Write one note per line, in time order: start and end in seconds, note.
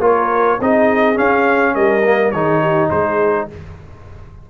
0.00 0.58 A#3
0.00 0.59 F4
0.00 0.60 A#4
0.00 0.62 C#5
0.60 1.18 C4
0.60 1.15 D#4
0.60 1.74 G#4
0.60 1.18 D#5
1.15 2.01 C#4
1.15 1.76 C#4
1.15 1.75 F5
1.74 2.33 G3
1.74 2.32 A#4
1.74 2.31 D#5
2.05 2.34 A#3
2.31 2.90 D#3
2.31 3.50 D#4
2.31 2.61 G#4
2.31 2.89 C#5
2.61 2.90 G4
2.90 3.48 G#3
2.90 3.49 G#4
2.90 3.48 C5